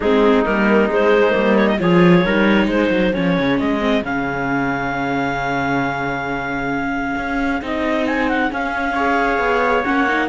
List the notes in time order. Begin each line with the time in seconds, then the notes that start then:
0.00 G#3 C4 D#4 G#4
0.44 G3 A#3 A#4
0.89 G#3 C5
1.30 G3 A#3
1.56 C#5
1.67 D#5
1.79 F3 F4 G#4 C#5
2.25 G3 D#4 A#4
2.67 G#3 G#4 C5
2.90 F#3
3.13 F3 C#4 C#5
3.38 C#3
3.59 G#3 D#5
3.79 C4
4.02 C#3 C#4 F5
7.16 C#4
7.61 C4 D#4 D#5
8.06 G#5
8.28 F#5
8.50 C#4 F5
8.93 G#4 C#5
9.38 B3
9.84 A#3 C#4 F#5
10.08 D#4